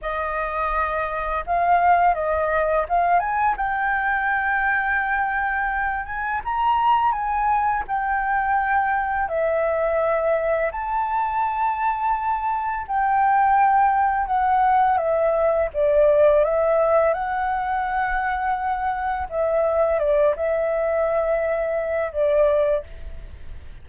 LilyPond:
\new Staff \with { instrumentName = "flute" } { \time 4/4 \tempo 4 = 84 dis''2 f''4 dis''4 | f''8 gis''8 g''2.~ | g''8 gis''8 ais''4 gis''4 g''4~ | g''4 e''2 a''4~ |
a''2 g''2 | fis''4 e''4 d''4 e''4 | fis''2. e''4 | d''8 e''2~ e''8 d''4 | }